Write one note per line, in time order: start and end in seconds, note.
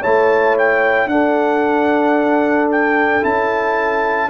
0.00 1.06 A3
0.00 1.09 E4
0.00 1.07 C#5
0.00 0.56 A5
0.58 1.08 G5
1.06 3.20 D4
1.06 3.21 D4
1.06 4.29 A4
1.06 2.69 F#5
2.71 3.24 G5
3.21 4.29 C#4
3.21 4.29 E4
3.21 4.29 A5